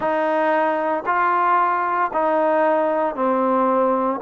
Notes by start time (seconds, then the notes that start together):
0.00 D#4
1.05 F4
2.13 D#4
3.15 C4